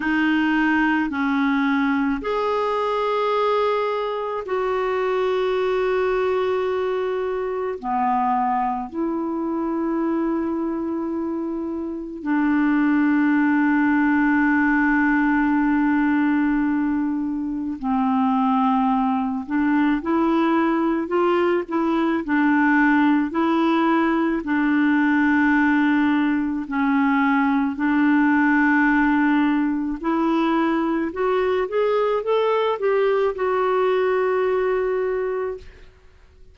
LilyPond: \new Staff \with { instrumentName = "clarinet" } { \time 4/4 \tempo 4 = 54 dis'4 cis'4 gis'2 | fis'2. b4 | e'2. d'4~ | d'1 |
c'4. d'8 e'4 f'8 e'8 | d'4 e'4 d'2 | cis'4 d'2 e'4 | fis'8 gis'8 a'8 g'8 fis'2 | }